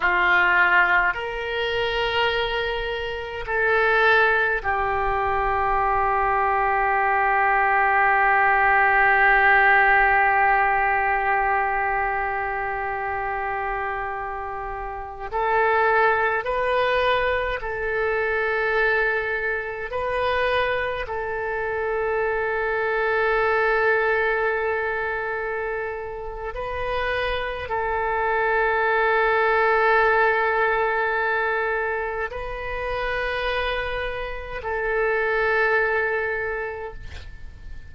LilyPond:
\new Staff \with { instrumentName = "oboe" } { \time 4/4 \tempo 4 = 52 f'4 ais'2 a'4 | g'1~ | g'1~ | g'4~ g'16 a'4 b'4 a'8.~ |
a'4~ a'16 b'4 a'4.~ a'16~ | a'2. b'4 | a'1 | b'2 a'2 | }